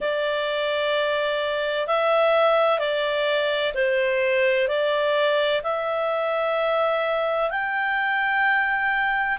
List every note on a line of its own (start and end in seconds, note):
0.00 1.87 D5
1.87 2.79 E5
2.79 3.72 D5
3.74 4.67 C5
4.67 5.61 D5
5.63 7.50 E5
7.50 9.37 G5